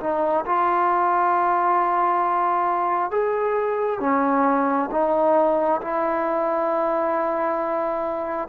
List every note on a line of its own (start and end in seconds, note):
0.00 0.45 D#4
0.46 3.11 F4
3.11 4.00 G#4
4.00 4.89 C#4
4.91 5.80 D#4
5.81 8.48 E4